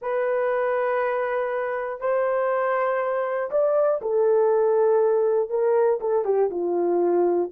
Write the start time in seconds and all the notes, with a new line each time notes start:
0.01 B4
2.00 C5
3.50 D5
4.01 A4
5.49 A#4
6.00 A4
6.25 G4
6.50 F4